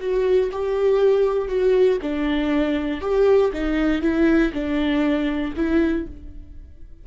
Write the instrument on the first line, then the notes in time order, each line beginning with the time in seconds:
viola
0.00 F#4
0.52 G4
1.49 F#4
2.02 D4
3.01 G4
3.53 D#4
4.02 E4
4.53 D4
5.56 E4